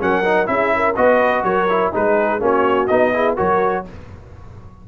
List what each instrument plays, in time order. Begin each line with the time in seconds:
0.00 tuba F#3, trombone C#4, horn A#4, trumpet F#5
0.24 trombone D#4
0.46 tuba C#4, trombone E4, horn G#4, trumpet E5
0.75 horn A#4
0.95 tuba B3, trombone F#4, horn B4, trumpet D#5
1.43 tuba F#3, horn A#4, trumpet C#5
1.69 trombone E4
1.92 tuba G#3, trombone D#4, horn G#4, trumpet B4
2.39 tuba A#3, trombone C#4, horn F#4, trumpet C#5
2.87 tuba B3, trombone D#4, trumpet D#5
3.13 trombone E4, horn G#4
3.36 tuba F#3, trombone F#4, horn A#4, trumpet C#5